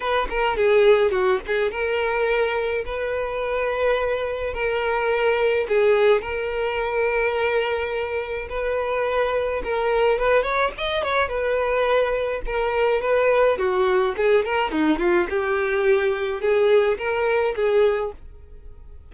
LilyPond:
\new Staff \with { instrumentName = "violin" } { \time 4/4 \tempo 4 = 106 b'8 ais'8 gis'4 fis'8 gis'8 ais'4~ | ais'4 b'2. | ais'2 gis'4 ais'4~ | ais'2. b'4~ |
b'4 ais'4 b'8 cis''8 dis''8 cis''8 | b'2 ais'4 b'4 | fis'4 gis'8 ais'8 dis'8 f'8 g'4~ | g'4 gis'4 ais'4 gis'4 | }